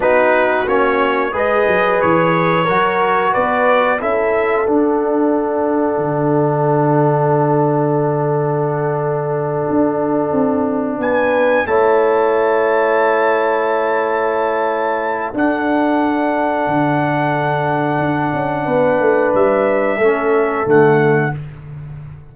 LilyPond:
<<
  \new Staff \with { instrumentName = "trumpet" } { \time 4/4 \tempo 4 = 90 b'4 cis''4 dis''4 cis''4~ | cis''4 d''4 e''4 fis''4~ | fis''1~ | fis''1~ |
fis''8 gis''4 a''2~ a''8~ | a''2. fis''4~ | fis''1~ | fis''4 e''2 fis''4 | }
  \new Staff \with { instrumentName = "horn" } { \time 4/4 fis'2 b'2 | ais'4 b'4 a'2~ | a'1~ | a'1~ |
a'8 b'4 cis''2~ cis''8~ | cis''2. a'4~ | a'1 | b'2 a'2 | }
  \new Staff \with { instrumentName = "trombone" } { \time 4/4 dis'4 cis'4 gis'2 | fis'2 e'4 d'4~ | d'1~ | d'1~ |
d'4. e'2~ e'8~ | e'2. d'4~ | d'1~ | d'2 cis'4 a4 | }
  \new Staff \with { instrumentName = "tuba" } { \time 4/4 b4 ais4 gis8 fis8 e4 | fis4 b4 cis'4 d'4~ | d'4 d2.~ | d2~ d8 d'4 c'8~ |
c'8 b4 a2~ a8~ | a2. d'4~ | d'4 d2 d'8 cis'8 | b8 a8 g4 a4 d4 | }
>>